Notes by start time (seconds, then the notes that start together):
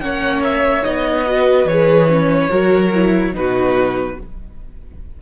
0.00 A#3 C#4 C#5 F#5
0.44 E5
0.82 B3 D#4 D#5
1.27 F#4 B4
1.65 E3 G#4 C#5
2.09 C#4
2.49 F#3 F#4 A#4
2.94 E4
3.33 B2 D#4 F#4 B4